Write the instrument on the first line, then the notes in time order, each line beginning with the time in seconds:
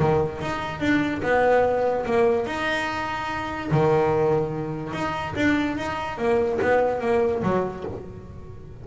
double bass
0.00 D#3
0.42 D#4
0.81 D4
1.23 B3
2.06 A#3
2.47 D#4
3.71 D#3
4.93 D#4
5.36 D4
5.77 D#4
6.18 A#3
6.62 B3
7.01 A#3
7.43 F#3